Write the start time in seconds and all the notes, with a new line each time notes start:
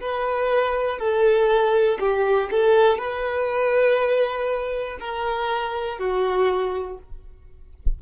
0.00 B4
0.99 A4
2.00 G4
2.50 A4
2.98 B4
5.00 A#4
5.98 F#4